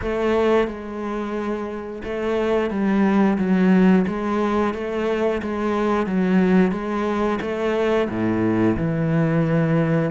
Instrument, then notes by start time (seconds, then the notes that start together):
cello
0.01 A3
0.67 G#3
2.04 A3
2.70 G3
3.38 F#3
4.07 G#3
4.74 A3
5.42 G#3
6.06 F#3
6.71 G#3
7.41 A3
8.09 A2
8.76 E3